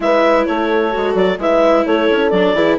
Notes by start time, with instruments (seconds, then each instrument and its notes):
0.00 bassoon G#3, viola E4, horn B4, clarinet E5
0.45 bassoon A3, horn A4, clarinet C#5
0.91 bassoon G#3, viola F#4
1.14 bassoon F#3, clarinet D5
1.38 bassoon G#3, viola E4, horn B4, clarinet E5
1.86 bassoon A3, horn A4, clarinet C#5
2.10 bassoon C#4
2.30 bassoon F#3, viola D4, clarinet D5
2.53 bassoon E3, viola E4, horn G#4